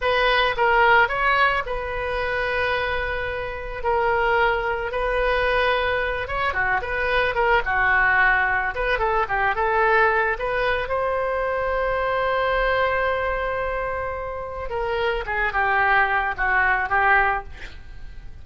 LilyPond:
\new Staff \with { instrumentName = "oboe" } { \time 4/4 \tempo 4 = 110 b'4 ais'4 cis''4 b'4~ | b'2. ais'4~ | ais'4 b'2~ b'8 cis''8 | fis'8 b'4 ais'8 fis'2 |
b'8 a'8 g'8 a'4. b'4 | c''1~ | c''2. ais'4 | gis'8 g'4. fis'4 g'4 | }